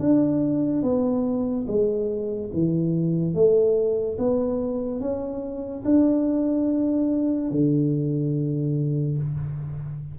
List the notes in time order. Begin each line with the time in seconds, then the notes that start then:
0.00 D4
0.83 B3
1.67 G#3
2.54 E3
3.34 A3
4.19 B3
5.01 C#4
5.85 D4
7.51 D3